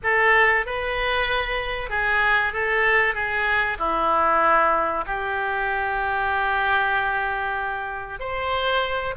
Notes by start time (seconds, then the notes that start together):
0.03 A4
0.66 B4
1.89 G#4
2.53 A4
3.14 G#4
3.78 E4
5.06 G4
8.19 C5